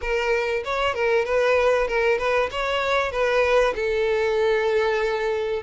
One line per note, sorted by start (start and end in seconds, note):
0.01 0.63 A#4
0.64 0.94 C#5
0.94 1.25 A#4
1.25 1.88 B4
1.88 2.18 A#4
2.18 2.49 B4
2.51 3.11 C#5
3.11 3.74 B4
3.75 5.62 A4